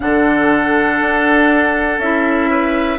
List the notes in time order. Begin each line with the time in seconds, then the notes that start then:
0.00 D3 D4 A4 F#5
1.00 D4
1.98 C#4 E4 E5
2.50 B4